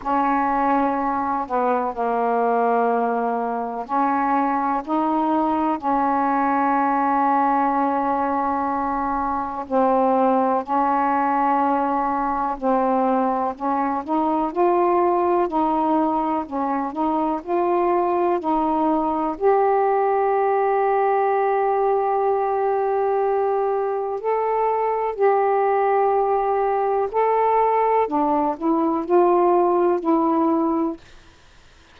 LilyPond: \new Staff \with { instrumentName = "saxophone" } { \time 4/4 \tempo 4 = 62 cis'4. b8 ais2 | cis'4 dis'4 cis'2~ | cis'2 c'4 cis'4~ | cis'4 c'4 cis'8 dis'8 f'4 |
dis'4 cis'8 dis'8 f'4 dis'4 | g'1~ | g'4 a'4 g'2 | a'4 d'8 e'8 f'4 e'4 | }